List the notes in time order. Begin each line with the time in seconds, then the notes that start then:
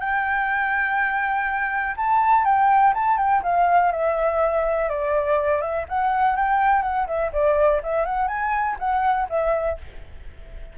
0.00 G5
1.97 A5
2.45 G5
2.94 A5
3.17 G5
3.43 F5
3.92 E5
4.89 D5
5.62 E5
5.89 F#5
6.36 G5
6.82 F#5
7.07 E5
7.33 D5
7.83 E5
8.06 F#5
8.28 G#5
8.79 F#5
9.30 E5